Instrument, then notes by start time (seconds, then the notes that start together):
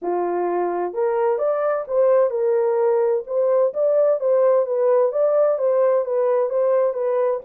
horn
0.01 F4
0.93 A#4
1.38 D5
1.87 C5
2.30 A#4
3.26 C5
3.73 D5
4.19 C5
4.66 B4
5.12 D5
5.58 C5
6.05 B4
6.49 C5
6.93 B4